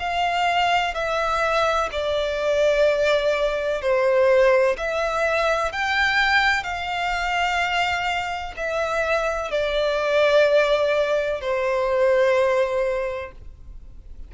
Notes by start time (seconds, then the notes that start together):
0.00 F5
0.95 E5
1.92 D5
3.82 C5
4.78 E5
5.73 G5
6.64 F5
8.57 E5
9.52 D5
11.42 C5